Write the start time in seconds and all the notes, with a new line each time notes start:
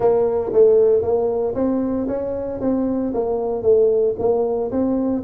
0.00 A#3
0.52 A3
1.02 A#3
1.55 C4
2.07 C#4
2.61 C4
3.14 A#3
3.62 A3
4.18 A#3
4.71 C4